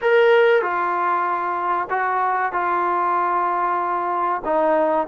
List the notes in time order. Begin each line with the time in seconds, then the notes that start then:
0.01 A#4
0.61 F4
1.89 F#4
2.52 F4
4.44 D#4